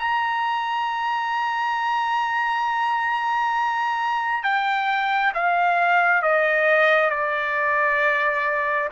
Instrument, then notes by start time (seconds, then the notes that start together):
trumpet
0.00 A#5
4.44 G5
5.35 F5
6.23 D#5
7.10 D5